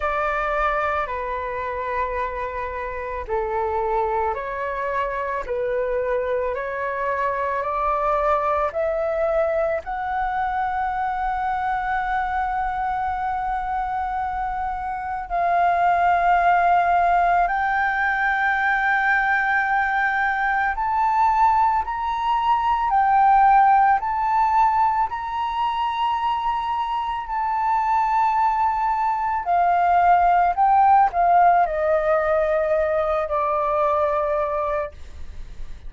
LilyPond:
\new Staff \with { instrumentName = "flute" } { \time 4/4 \tempo 4 = 55 d''4 b'2 a'4 | cis''4 b'4 cis''4 d''4 | e''4 fis''2.~ | fis''2 f''2 |
g''2. a''4 | ais''4 g''4 a''4 ais''4~ | ais''4 a''2 f''4 | g''8 f''8 dis''4. d''4. | }